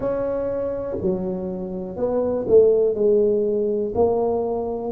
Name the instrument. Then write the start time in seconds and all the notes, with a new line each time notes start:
tuba
0.00 C#4
1.01 F#3
1.96 B3
2.47 A3
2.94 G#3
3.94 A#3